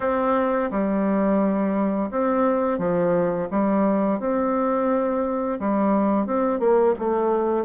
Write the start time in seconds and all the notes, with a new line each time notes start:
0.00 C4
0.70 G3
2.10 C4
2.78 F3
3.50 G3
4.19 C4
5.59 G3
6.26 C4
6.59 A#3
6.99 A3